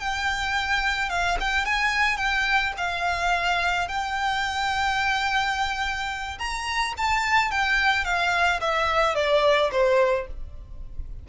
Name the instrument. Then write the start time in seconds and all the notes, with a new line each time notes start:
violin
0.00 G5
1.10 F5
1.40 G5
1.65 G#5
2.17 G5
2.77 F5
3.88 G5
6.38 A#5
6.97 A5
7.51 G5
8.05 F5
8.61 E5
9.15 D5
9.72 C5